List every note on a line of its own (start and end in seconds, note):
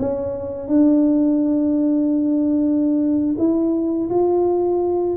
0.00 0.68 C#4
0.68 3.36 D4
3.39 4.10 E4
4.10 5.17 F4